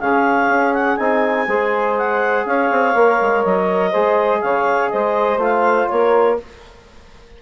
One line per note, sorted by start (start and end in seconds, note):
0.00 0.48 C#3
0.00 0.99 C#4
0.00 1.48 G#4
0.00 0.74 F5
0.48 0.97 C#4
0.74 0.97 F#5
0.97 1.48 C4
0.97 1.48 D#4
0.97 1.95 G#5
1.48 2.46 G#3
1.48 2.96 G#4
1.48 2.47 C5
1.98 2.47 F#5
2.46 2.70 C#4
2.46 3.91 C#5
2.46 3.45 F5
2.72 2.95 C4
2.95 3.20 A#3
2.95 3.94 A#4
3.22 3.45 G#3
3.45 3.94 F#3
3.45 4.41 D#5
3.91 4.43 G#3
3.91 5.40 G#4
3.91 4.40 C5
4.41 4.92 C#3
4.41 4.92 C#5
4.41 4.90 F5
4.90 5.37 G#3
4.90 5.91 C5
4.90 5.39 D#5
5.37 5.87 A3
5.37 6.38 F4
5.44 5.88 F5
5.88 6.41 A#3
5.88 6.42 A#4
5.88 6.37 C#5